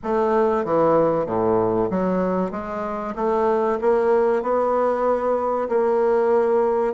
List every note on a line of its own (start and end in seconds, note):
0.03 0.64 A3
0.64 1.26 E3
1.26 1.89 A2
1.90 2.51 F#3
2.51 3.14 G#3
3.15 3.78 A3
3.81 4.42 A#3
4.42 5.68 B3
5.68 6.93 A#3